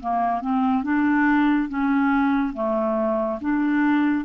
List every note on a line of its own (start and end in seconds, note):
0.00 0.41 A#3
0.41 0.83 C4
0.83 1.69 D4
1.69 2.54 C#4
2.54 3.39 A3
3.41 4.25 D4